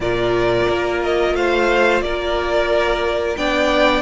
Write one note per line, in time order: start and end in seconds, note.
0.00 0.66 A#2
0.00 3.37 F4
0.00 1.36 A#4
0.00 1.02 D5
0.68 1.34 A#3
1.03 1.35 D#5
1.34 2.01 A3
1.34 2.03 C5
1.34 2.01 F5
2.01 3.36 A#3
2.01 3.38 A#4
2.01 3.36 D5
3.36 4.02 B3
3.36 4.02 D4
3.36 4.02 D5
3.36 4.02 G5